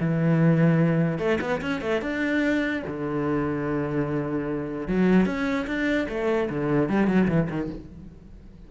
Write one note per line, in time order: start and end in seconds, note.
0.00 1.18 E3
1.18 1.39 A3
1.40 1.61 B3
1.61 1.81 C#4
1.81 2.01 A3
2.01 2.82 D4
2.87 4.87 D3
4.87 5.25 F#3
5.25 5.66 C#4
5.66 6.07 D4
6.08 6.49 A3
6.49 6.89 D3
6.89 7.07 G3
7.07 7.27 F#3
7.28 7.48 E3
7.49 7.70 D#3